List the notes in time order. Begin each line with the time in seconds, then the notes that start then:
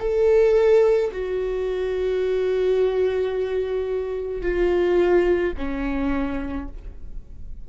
0.00 A4
1.12 F#4
4.42 F4
5.58 C#4